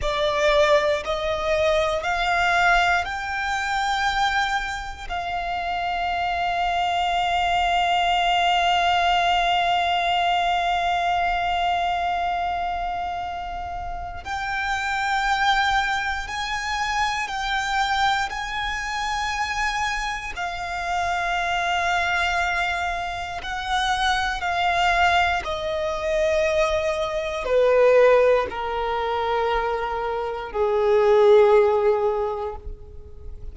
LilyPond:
\new Staff \with { instrumentName = "violin" } { \time 4/4 \tempo 4 = 59 d''4 dis''4 f''4 g''4~ | g''4 f''2.~ | f''1~ | f''2 g''2 |
gis''4 g''4 gis''2 | f''2. fis''4 | f''4 dis''2 b'4 | ais'2 gis'2 | }